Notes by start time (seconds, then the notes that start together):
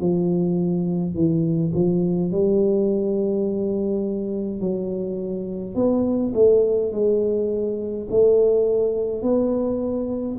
0.00 F3
1.14 E3
1.74 F3
2.31 G3
4.60 F#3
5.75 B3
6.34 A3
6.92 G#3
8.10 A3
9.22 B3